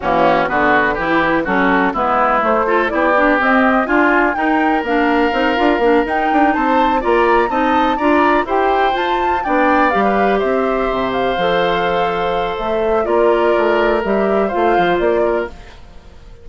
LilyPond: <<
  \new Staff \with { instrumentName = "flute" } { \time 4/4 \tempo 4 = 124 fis'4 b'2 a'4 | b'4 c''4 d''4 dis''4 | gis''4 g''4 f''2~ | f''8 g''4 a''4 ais''4 a''8~ |
a''8 ais''4 g''4 a''4 g''8~ | g''8 f''4 e''4. f''4~ | f''2 e''4 d''4~ | d''4 e''4 f''4 d''4 | }
  \new Staff \with { instrumentName = "oboe" } { \time 4/4 cis'4 fis'4 g'4 fis'4 | e'4. a'8 g'2 | f'4 ais'2.~ | ais'4. c''4 d''4 dis''8~ |
dis''8 d''4 c''2 d''8~ | d''8. b'8. c''2~ c''8~ | c''2. ais'4~ | ais'2 c''4. ais'8 | }
  \new Staff \with { instrumentName = "clarinet" } { \time 4/4 ais4 b4 e'4 cis'4 | b4 a8 f'8 e'8 d'8 c'4 | f'4 dis'4 d'4 dis'8 f'8 | d'8 dis'2 f'4 dis'8~ |
dis'8 f'4 g'4 f'4 d'8~ | d'8 g'2. a'8~ | a'2. f'4~ | f'4 g'4 f'2 | }
  \new Staff \with { instrumentName = "bassoon" } { \time 4/4 e4 d4 e4 fis4 | gis4 a4 b4 c'4 | d'4 dis'4 ais4 c'8 d'8 | ais8 dis'8 d'8 c'4 ais4 c'8~ |
c'8 d'4 e'4 f'4 b8~ | b8 g4 c'4 c4 f8~ | f2 a4 ais4 | a4 g4 a8 f8 ais4 | }
>>